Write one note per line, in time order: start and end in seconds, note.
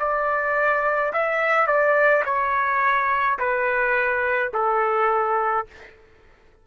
0.00 1.13 D5
1.13 1.67 E5
1.67 2.24 D5
2.25 3.39 C#5
3.39 4.52 B4
4.54 5.67 A4